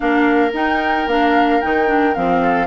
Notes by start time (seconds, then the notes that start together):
0.00 A#3 D4 A#4 F5
0.53 D#4 G5
1.07 A#3 D4 F5
1.61 D#3 D#4 G5
1.87 D4
2.14 F3 C4 F5
2.42 A4